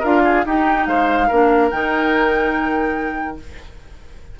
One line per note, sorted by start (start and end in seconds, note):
0.00 0.46 D4
0.00 0.45 F4
0.00 0.21 A#4
0.00 0.46 F5
0.24 0.45 G#4
0.46 0.87 D#4
0.46 1.30 D#4
0.46 0.88 G4
0.46 0.86 G5
0.86 1.29 G#3
0.86 1.27 C5
0.86 1.70 F5
1.27 1.72 A#3
1.27 1.72 D4
1.27 3.37 A#4
1.70 3.39 D#3
1.70 3.39 D#4
1.70 3.38 G5